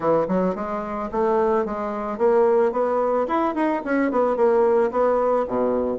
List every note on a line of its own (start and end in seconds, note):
0.00 0.26 E3
0.28 0.55 F#3
0.55 1.09 G#3
1.11 1.65 A3
1.65 2.18 G#3
2.18 2.72 A#3
2.72 3.26 B3
3.27 3.54 E4
3.54 3.82 D#4
3.85 4.11 C#4
4.11 4.36 B3
4.36 4.91 A#3
4.91 5.45 B3
5.47 5.98 B2